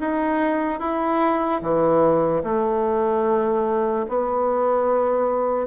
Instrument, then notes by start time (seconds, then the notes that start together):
bassoon
0.00 D#4
0.80 E4
1.61 E3
2.43 A3
4.08 B3